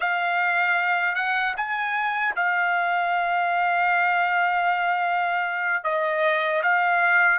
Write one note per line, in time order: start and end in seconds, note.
0.00 1.15 F5
1.15 1.54 F#5
1.57 2.34 G#5
2.36 5.84 F5
5.84 6.62 D#5
6.62 7.38 F5